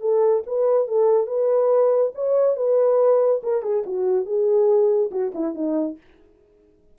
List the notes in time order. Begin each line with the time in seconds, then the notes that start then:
0.00 A4
0.46 B4
0.87 A4
1.26 B4
2.14 C#5
2.56 B4
3.43 A#4
3.62 G#4
3.85 F#4
4.25 G#4
5.11 F#4
5.34 E4
5.54 D#4